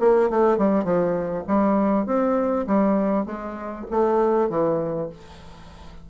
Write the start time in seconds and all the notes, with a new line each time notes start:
0.00 A#3
0.30 A3
0.58 G3
0.85 F3
1.48 G3
2.07 C4
2.67 G3
3.26 G#3
3.91 A3
4.50 E3